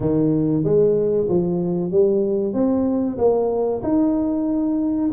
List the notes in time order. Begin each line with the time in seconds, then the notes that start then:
0.00 D#3
0.64 G#3
1.29 F3
1.91 G3
2.53 C4
3.18 A#3
3.83 D#4